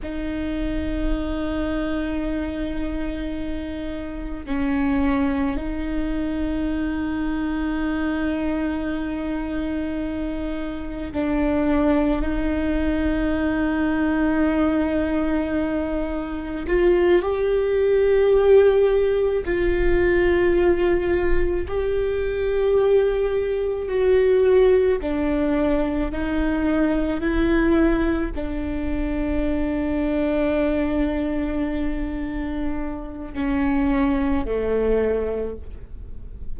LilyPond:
\new Staff \with { instrumentName = "viola" } { \time 4/4 \tempo 4 = 54 dis'1 | cis'4 dis'2.~ | dis'2 d'4 dis'4~ | dis'2. f'8 g'8~ |
g'4. f'2 g'8~ | g'4. fis'4 d'4 dis'8~ | dis'8 e'4 d'2~ d'8~ | d'2 cis'4 a4 | }